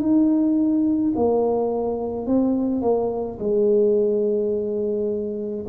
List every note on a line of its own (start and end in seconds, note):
0.00 1.13 D#4
1.16 2.26 A#3
2.26 2.82 C4
2.82 3.39 A#3
3.40 5.66 G#3